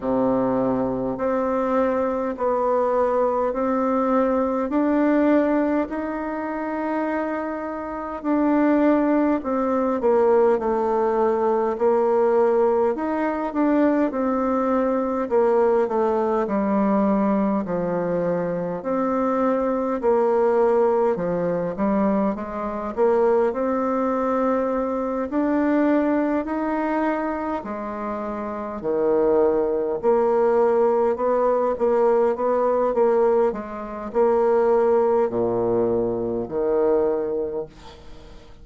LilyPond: \new Staff \with { instrumentName = "bassoon" } { \time 4/4 \tempo 4 = 51 c4 c'4 b4 c'4 | d'4 dis'2 d'4 | c'8 ais8 a4 ais4 dis'8 d'8 | c'4 ais8 a8 g4 f4 |
c'4 ais4 f8 g8 gis8 ais8 | c'4. d'4 dis'4 gis8~ | gis8 dis4 ais4 b8 ais8 b8 | ais8 gis8 ais4 ais,4 dis4 | }